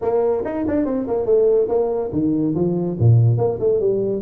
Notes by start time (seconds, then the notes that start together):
0.01 A#3
0.45 D#4
0.67 D4
0.85 C4
1.07 A#3
1.25 A3
1.68 A#3
2.12 D#3
2.55 F3
2.99 A#2
3.37 A#3
3.59 A3
3.80 G3